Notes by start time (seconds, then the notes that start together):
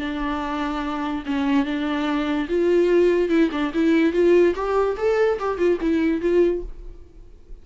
0.00 D4
1.26 C#4
1.66 D4
2.49 F4
3.30 E4
3.52 D4
3.74 E4
4.13 F4
4.56 G4
4.98 A4
5.40 G4
5.58 F4
5.81 E4
6.22 F4